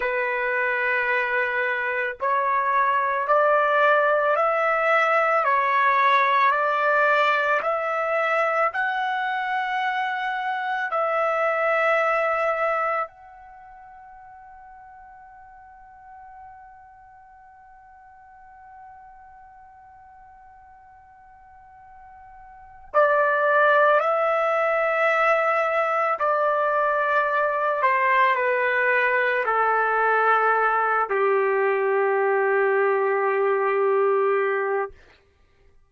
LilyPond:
\new Staff \with { instrumentName = "trumpet" } { \time 4/4 \tempo 4 = 55 b'2 cis''4 d''4 | e''4 cis''4 d''4 e''4 | fis''2 e''2 | fis''1~ |
fis''1~ | fis''4 d''4 e''2 | d''4. c''8 b'4 a'4~ | a'8 g'2.~ g'8 | }